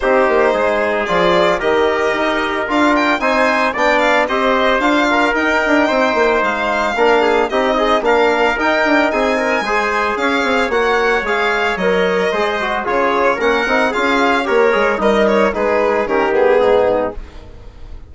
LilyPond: <<
  \new Staff \with { instrumentName = "violin" } { \time 4/4 \tempo 4 = 112 c''2 d''4 dis''4~ | dis''4 f''8 g''8 gis''4 g''8 f''8 | dis''4 f''4 g''2 | f''2 dis''4 f''4 |
g''4 gis''2 f''4 | fis''4 f''4 dis''2 | cis''4 fis''4 f''4 cis''4 | dis''8 cis''8 b'4 ais'8 gis'4. | }
  \new Staff \with { instrumentName = "trumpet" } { \time 4/4 g'4 gis'2 ais'4~ | ais'2 c''4 d''4 | c''4. ais'4. c''4~ | c''4 ais'8 gis'8 g'8 dis'8 ais'4~ |
ais'4 gis'8 ais'8 c''4 cis''4~ | cis''2. c''4 | gis'4 ais'4 gis'4 ais'4 | dis'4 gis'4 g'4 dis'4 | }
  \new Staff \with { instrumentName = "trombone" } { \time 4/4 dis'2 f'4 g'4~ | g'4 f'4 dis'4 d'4 | g'4 f'4 dis'2~ | dis'4 d'4 dis'8 gis'8 d'4 |
dis'2 gis'2 | fis'4 gis'4 ais'4 gis'8 fis'8 | f'4 cis'8 dis'8 f'4 g'8 gis'8 | ais'4 dis'4 cis'8 b4. | }
  \new Staff \with { instrumentName = "bassoon" } { \time 4/4 c'8 ais8 gis4 f4 dis4 | dis'4 d'4 c'4 b4 | c'4 d'4 dis'8 d'8 c'8 ais8 | gis4 ais4 c'4 ais4 |
dis'8 d'8 c'4 gis4 cis'8 c'8 | ais4 gis4 fis4 gis4 | cis4 ais8 c'8 cis'4 ais8 gis8 | g4 gis4 dis4 gis,4 | }
>>